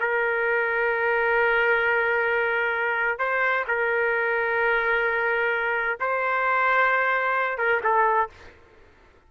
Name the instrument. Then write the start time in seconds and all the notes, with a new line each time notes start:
trumpet
0.00 A#4
3.19 C5
3.68 A#4
6.00 C5
7.58 A#4
7.84 A4